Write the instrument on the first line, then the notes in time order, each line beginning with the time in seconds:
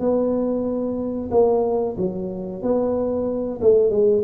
tuba
0.00 B3
1.32 A#3
1.98 F#3
2.63 B3
3.62 A3
3.90 G#3